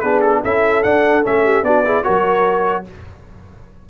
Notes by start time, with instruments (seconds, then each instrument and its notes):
0.00 tuba B3, trombone D4, horn G#4, trumpet B4
0.21 trumpet A4
0.43 tuba C#4, trombone E4, horn A4, trumpet E5
0.83 trombone D4, tuba D4, trumpet F#5
1.23 tuba A3, trombone C#4, trumpet E5
1.44 horn G4
1.63 tuba B3, trombone D4, horn F#4, trumpet D5
1.85 trombone E4, horn G#4
2.03 tuba F#3, trombone F#4, horn A#4, trumpet C#5